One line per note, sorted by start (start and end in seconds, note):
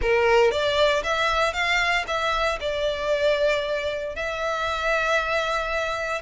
0.01 0.51 A#4
0.51 1.03 D5
1.03 1.53 E5
1.53 2.05 F5
2.07 2.58 E5
2.60 4.15 D5
4.15 6.21 E5